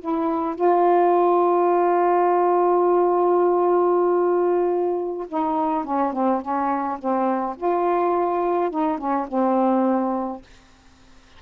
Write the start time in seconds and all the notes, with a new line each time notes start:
0.00 E4
0.55 F4
5.28 D#4
5.84 C#4
6.13 C4
6.42 C#4
6.99 C4
7.57 F4
8.71 D#4
8.98 C#4
9.28 C4